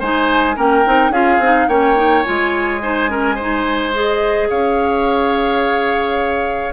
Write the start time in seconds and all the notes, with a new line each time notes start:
0.00 G#3 D#4 C5 G#5
0.56 A#3 C#4 A#4 G5
0.86 C4 D#4
1.11 C#4 F4 G#4 F5
1.39 C4 D#4
1.68 A#3 C#4 C#5 G5
1.97 D#4
2.24 G#3 F4 G#5
2.83 D#4 C5
3.09 C#4 A#4
3.36 D#4 C5
3.94 G#4 D#5
4.50 C#4 C#5 F5